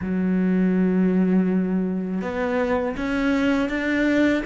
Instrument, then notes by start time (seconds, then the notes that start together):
cello
0.01 F#3
2.21 B3
2.96 C#4
3.69 D4